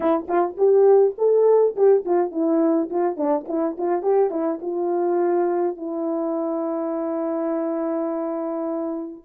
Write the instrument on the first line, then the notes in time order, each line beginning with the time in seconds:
horn
0.00 E4
0.27 F4
0.57 G4
1.17 A4
1.76 G4
2.05 F4
2.31 E4
2.90 F4
3.16 D4
3.48 E4
3.77 F4
4.02 G4
4.30 E4
4.61 F4
5.76 E4